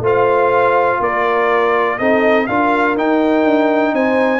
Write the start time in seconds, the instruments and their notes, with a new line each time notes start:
0.00 tuba A3, trombone F4, horn C5, trumpet F5
1.00 tuba A#3, horn A#4, trumpet D5
1.98 tuba C4, trombone D#4, horn A4, trumpet D#5
2.47 tuba D4, trombone F4, horn A#4, trumpet F5
2.97 tuba D#4, trombone D#4, trumpet G5
3.44 tuba D4
3.93 tuba C4, horn C5, trumpet G#5